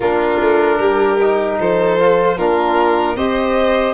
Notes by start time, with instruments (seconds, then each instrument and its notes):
0.00 tuba A#3, trombone D4, violin F4 A#4
0.40 tuba A3
0.79 tuba G3, violin G4
1.21 trombone D#4
1.59 tuba F3, violin A4 C5
1.99 trombone F4
2.37 tuba A#3, trombone D4, violin F4 A#4
3.16 tuba C4, trombone G4, violin C5 D#5